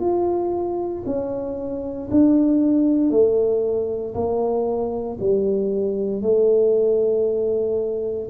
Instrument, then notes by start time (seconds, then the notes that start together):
tuba
0.00 F4
1.06 C#4
2.11 D4
3.10 A3
4.14 A#3
5.20 G3
6.22 A3